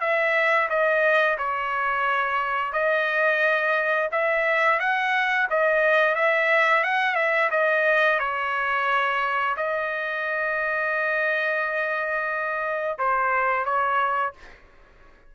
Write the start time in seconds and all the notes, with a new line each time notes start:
0.00 E5
0.69 D#5
1.38 C#5
2.72 D#5
4.11 E5
4.79 F#5
5.49 D#5
6.15 E5
6.83 F#5
7.15 E5
7.51 D#5
8.19 C#5
9.56 D#5
12.98 C5
13.65 C#5